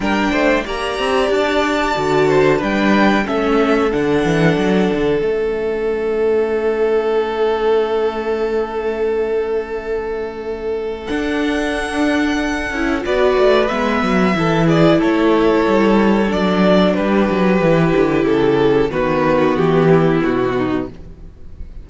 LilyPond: <<
  \new Staff \with { instrumentName = "violin" } { \time 4/4 \tempo 4 = 92 g''4 ais''4 a''2 | g''4 e''4 fis''2 | e''1~ | e''1~ |
e''4 fis''2. | d''4 e''4. d''8 cis''4~ | cis''4 d''4 b'2 | a'4 b'4 g'4 fis'4 | }
  \new Staff \with { instrumentName = "violin" } { \time 4/4 ais'8 c''8 d''2~ d''8 c''8 | b'4 a'2.~ | a'1~ | a'1~ |
a'1 | b'2 a'8 gis'8 a'4~ | a'2 g'2~ | g'4 fis'4. e'4 dis'8 | }
  \new Staff \with { instrumentName = "viola" } { \time 4/4 d'4 g'2 fis'4 | d'4 cis'4 d'2 | cis'1~ | cis'1~ |
cis'4 d'2~ d'8 e'8 | fis'4 b4 e'2~ | e'4 d'2 e'4~ | e'4 b2. | }
  \new Staff \with { instrumentName = "cello" } { \time 4/4 g8 a8 ais8 c'8 d'4 d4 | g4 a4 d8 e8 fis8 d8 | a1~ | a1~ |
a4 d'2~ d'8 cis'8 | b8 a8 gis8 fis8 e4 a4 | g4 fis4 g8 fis8 e8 d8 | cis4 dis4 e4 b,4 | }
>>